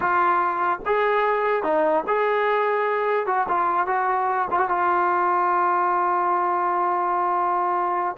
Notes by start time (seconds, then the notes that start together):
0.00 F4
0.85 G#4
1.63 D#4
2.07 G#4
3.26 F#4
3.48 F4
3.86 F#4
4.50 F4
4.59 F#4
4.69 F4